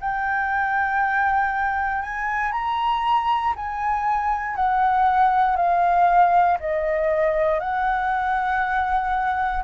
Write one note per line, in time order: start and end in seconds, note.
0.00 2.02 G5
2.02 2.52 G#5
2.52 3.54 A#5
3.56 4.56 G#5
4.56 5.56 F#5
5.56 6.58 F5
6.60 7.60 D#5
7.60 9.63 F#5